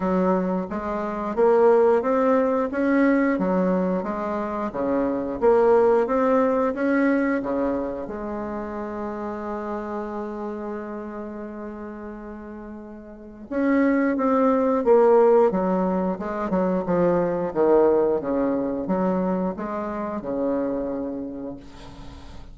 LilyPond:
\new Staff \with { instrumentName = "bassoon" } { \time 4/4 \tempo 4 = 89 fis4 gis4 ais4 c'4 | cis'4 fis4 gis4 cis4 | ais4 c'4 cis'4 cis4 | gis1~ |
gis1 | cis'4 c'4 ais4 fis4 | gis8 fis8 f4 dis4 cis4 | fis4 gis4 cis2 | }